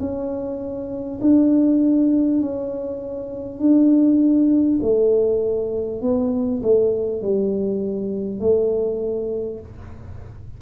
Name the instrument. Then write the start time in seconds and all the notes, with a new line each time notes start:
tuba
0.00 C#4
1.22 D4
2.41 C#4
3.59 D4
4.82 A3
6.02 B3
6.63 A3
7.22 G3
8.40 A3